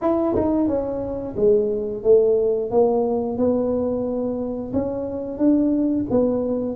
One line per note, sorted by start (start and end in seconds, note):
0.01 0.35 E4
0.35 0.67 D#4
0.67 1.35 C#4
1.36 2.03 G#3
2.03 2.70 A3
2.70 3.37 A#3
3.37 4.72 B3
4.73 5.37 C#4
5.37 6.05 D4
6.10 6.75 B3